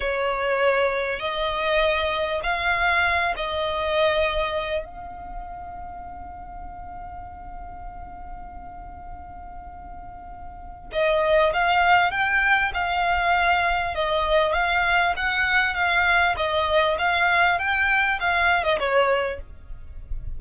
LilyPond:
\new Staff \with { instrumentName = "violin" } { \time 4/4 \tempo 4 = 99 cis''2 dis''2 | f''4. dis''2~ dis''8 | f''1~ | f''1~ |
f''2 dis''4 f''4 | g''4 f''2 dis''4 | f''4 fis''4 f''4 dis''4 | f''4 g''4 f''8. dis''16 cis''4 | }